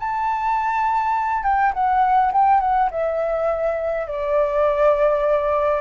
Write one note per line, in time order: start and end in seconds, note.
0.00 1.44 A5
1.44 1.73 G5
1.74 2.32 F#5
2.32 2.61 G5
2.61 2.90 F#5
2.91 4.08 E5
4.08 5.81 D5